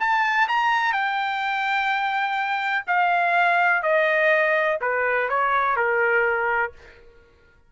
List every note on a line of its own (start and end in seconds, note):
0.00 0.48 A5
0.48 0.93 A#5
0.93 2.85 G5
2.87 3.83 F5
3.83 4.79 D#5
4.81 5.29 B4
5.29 5.76 C#5
5.76 6.72 A#4